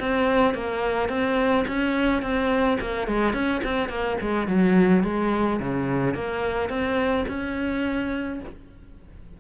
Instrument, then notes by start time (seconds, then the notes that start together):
cello
0.00 C4
0.54 A#3
1.09 C4
1.68 C#4
2.23 C4
2.81 A#3
3.08 G#3
3.34 C#4
3.64 C4
3.89 A#3
4.21 G#3
4.48 F#3
5.04 G#3
5.60 C#3
6.15 A#3
6.70 C4
7.28 C#4